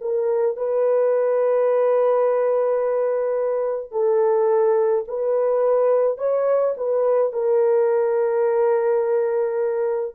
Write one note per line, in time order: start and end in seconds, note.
0.00 0.56 A#4
0.56 3.91 B4
3.91 5.04 A4
5.07 6.17 B4
6.17 6.74 C#5
6.77 7.32 B4
7.32 10.15 A#4